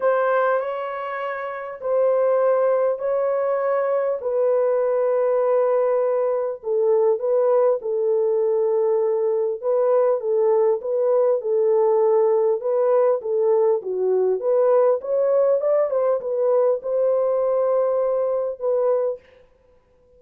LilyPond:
\new Staff \with { instrumentName = "horn" } { \time 4/4 \tempo 4 = 100 c''4 cis''2 c''4~ | c''4 cis''2 b'4~ | b'2. a'4 | b'4 a'2. |
b'4 a'4 b'4 a'4~ | a'4 b'4 a'4 fis'4 | b'4 cis''4 d''8 c''8 b'4 | c''2. b'4 | }